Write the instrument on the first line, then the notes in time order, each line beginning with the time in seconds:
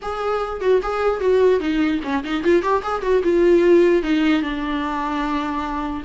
viola
0.02 G#4
0.61 F#4
0.82 G#4
1.20 F#4
1.60 D#4
2.03 C#4
2.24 D#4
2.43 F4
2.62 G4
2.82 G#4
3.02 F#4
3.23 F4
4.02 D#4
4.41 D4